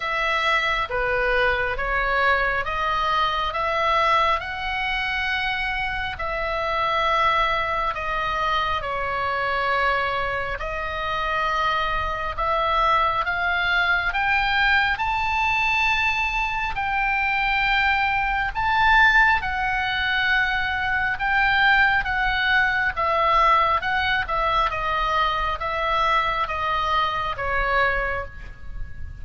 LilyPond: \new Staff \with { instrumentName = "oboe" } { \time 4/4 \tempo 4 = 68 e''4 b'4 cis''4 dis''4 | e''4 fis''2 e''4~ | e''4 dis''4 cis''2 | dis''2 e''4 f''4 |
g''4 a''2 g''4~ | g''4 a''4 fis''2 | g''4 fis''4 e''4 fis''8 e''8 | dis''4 e''4 dis''4 cis''4 | }